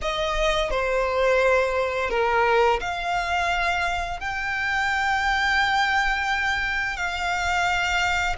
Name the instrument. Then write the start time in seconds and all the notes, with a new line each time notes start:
violin
0.01 D#5
0.70 C5
2.10 A#4
2.80 F5
4.20 G5
6.96 F5